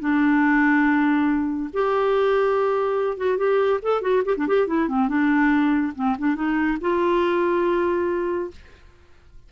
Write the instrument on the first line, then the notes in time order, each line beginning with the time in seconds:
clarinet
0.00 D4
1.73 G4
3.17 F#4
3.38 G4
3.83 A4
4.02 F#4
4.25 G4
4.37 D4
4.48 G4
4.67 E4
4.89 C4
5.09 D4
5.96 C4
6.18 D4
6.36 D#4
6.81 F4